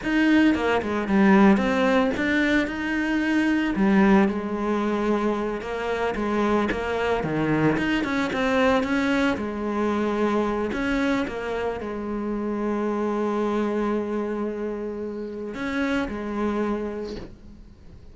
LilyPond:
\new Staff \with { instrumentName = "cello" } { \time 4/4 \tempo 4 = 112 dis'4 ais8 gis8 g4 c'4 | d'4 dis'2 g4 | gis2~ gis8 ais4 gis8~ | gis8 ais4 dis4 dis'8 cis'8 c'8~ |
c'8 cis'4 gis2~ gis8 | cis'4 ais4 gis2~ | gis1~ | gis4 cis'4 gis2 | }